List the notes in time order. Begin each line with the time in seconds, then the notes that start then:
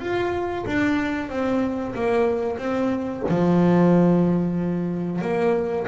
0.00 F4
0.67 D4
1.30 C4
1.95 A#3
2.58 C4
3.29 F3
5.22 A#3